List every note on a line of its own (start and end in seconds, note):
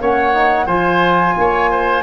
0.00 0.66 A#3
0.00 0.33 C#4
0.00 0.66 C#5
0.00 0.66 F#5
0.33 0.67 D#4
0.66 1.34 F3
0.66 2.03 F4
0.66 1.34 C5
0.66 2.03 G#5
1.37 2.03 A#3
1.37 1.70 C#5
1.70 2.03 C5